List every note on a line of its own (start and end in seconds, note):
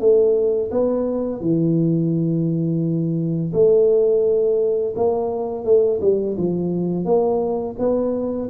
0.00 0.71 A3
0.71 1.41 B3
1.41 3.53 E3
3.53 4.94 A3
4.96 5.65 A#3
5.65 6.00 A3
6.01 6.37 G3
6.38 7.05 F3
7.05 7.76 A#3
7.79 8.50 B3